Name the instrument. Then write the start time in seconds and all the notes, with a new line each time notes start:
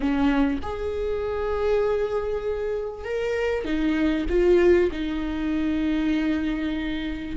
viola
0.00 C#4
0.62 G#4
3.04 A#4
3.65 D#4
4.29 F4
4.91 D#4